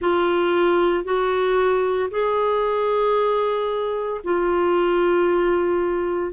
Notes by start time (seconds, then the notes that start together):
0.00 F4
1.04 F#4
2.11 G#4
4.23 F4